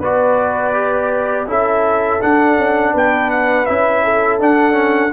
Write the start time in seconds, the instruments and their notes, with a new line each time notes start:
0.00 tuba B3, trombone F#4, horn B4, trumpet D5
0.74 trombone G4
1.47 tuba C#4, trombone E4, horn A4, trumpet E5
2.21 trombone D4, tuba D4, trumpet F#5
2.57 tuba C#4
2.94 tuba B3, horn B4, trumpet G5
3.31 trumpet F#5
3.66 tuba C#4, trombone E4, trumpet E5
4.04 horn A4
4.40 tuba D4, trombone D4, trumpet F#5
4.73 trombone C#4